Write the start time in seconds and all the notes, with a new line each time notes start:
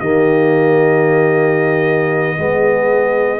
0.00 D#3 A#3 G4 D#5
2.38 G#3 B3 G#4